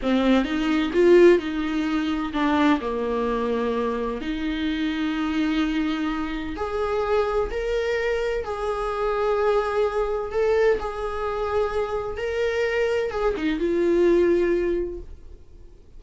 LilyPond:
\new Staff \with { instrumentName = "viola" } { \time 4/4 \tempo 4 = 128 c'4 dis'4 f'4 dis'4~ | dis'4 d'4 ais2~ | ais4 dis'2.~ | dis'2 gis'2 |
ais'2 gis'2~ | gis'2 a'4 gis'4~ | gis'2 ais'2 | gis'8 dis'8 f'2. | }